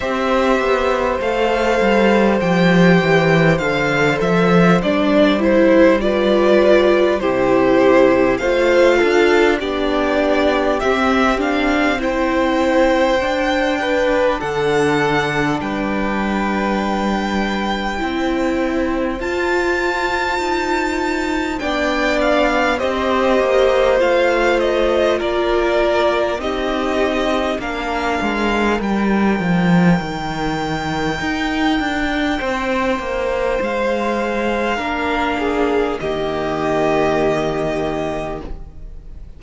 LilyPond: <<
  \new Staff \with { instrumentName = "violin" } { \time 4/4 \tempo 4 = 50 e''4 f''4 g''4 f''8 e''8 | d''8 c''8 d''4 c''4 f''4 | d''4 e''8 f''8 g''2 | fis''4 g''2. |
a''2 g''8 f''8 dis''4 | f''8 dis''8 d''4 dis''4 f''4 | g''1 | f''2 dis''2 | }
  \new Staff \with { instrumentName = "violin" } { \time 4/4 c''1~ | c''4 b'4 g'4 c''8 a'8 | g'2 c''4. b'8 | a'4 b'2 c''4~ |
c''2 d''4 c''4~ | c''4 ais'4 g'4 ais'4~ | ais'2. c''4~ | c''4 ais'8 gis'8 g'2 | }
  \new Staff \with { instrumentName = "viola" } { \time 4/4 g'4 a'4 g'4 a'4 | d'8 e'8 f'4 e'4 f'4 | d'4 c'8 d'8 e'4 d'4~ | d'2. e'4 |
f'2 d'4 g'4 | f'2 dis'4 d'4 | dis'1~ | dis'4 d'4 ais2 | }
  \new Staff \with { instrumentName = "cello" } { \time 4/4 c'8 b8 a8 g8 f8 e8 d8 f8 | g2 c4 a8 d'8 | b4 c'2 d'4 | d4 g2 c'4 |
f'4 dis'4 b4 c'8 ais8 | a4 ais4 c'4 ais8 gis8 | g8 f8 dis4 dis'8 d'8 c'8 ais8 | gis4 ais4 dis2 | }
>>